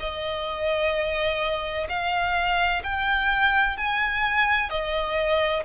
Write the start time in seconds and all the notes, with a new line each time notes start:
0.00 D#5
1.89 F5
2.84 G5
3.77 G#5
4.70 D#5